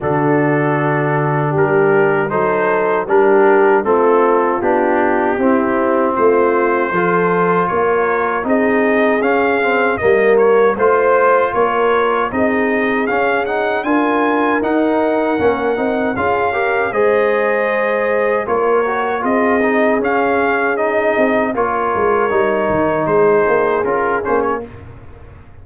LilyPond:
<<
  \new Staff \with { instrumentName = "trumpet" } { \time 4/4 \tempo 4 = 78 a'2 ais'4 c''4 | ais'4 a'4 g'2 | c''2 cis''4 dis''4 | f''4 dis''8 cis''8 c''4 cis''4 |
dis''4 f''8 fis''8 gis''4 fis''4~ | fis''4 f''4 dis''2 | cis''4 dis''4 f''4 dis''4 | cis''2 c''4 ais'8 c''16 cis''16 | }
  \new Staff \with { instrumentName = "horn" } { \time 4/4 fis'2 g'4 a'4 | g'4 f'2 e'4 | f'4 a'4 ais'4 gis'4~ | gis'4 ais'4 c''4 ais'4 |
gis'2 ais'2~ | ais'4 gis'8 ais'8 c''2 | ais'4 gis'2. | ais'2 gis'2 | }
  \new Staff \with { instrumentName = "trombone" } { \time 4/4 d'2. dis'4 | d'4 c'4 d'4 c'4~ | c'4 f'2 dis'4 | cis'8 c'8 ais4 f'2 |
dis'4 cis'8 dis'8 f'4 dis'4 | cis'8 dis'8 f'8 g'8 gis'2 | f'8 fis'8 f'8 dis'8 cis'4 dis'4 | f'4 dis'2 f'8 cis'8 | }
  \new Staff \with { instrumentName = "tuba" } { \time 4/4 d2 g4 fis4 | g4 a4 b4 c'4 | a4 f4 ais4 c'4 | cis'4 g4 a4 ais4 |
c'4 cis'4 d'4 dis'4 | ais8 c'8 cis'4 gis2 | ais4 c'4 cis'4. c'8 | ais8 gis8 g8 dis8 gis8 ais8 cis'8 ais8 | }
>>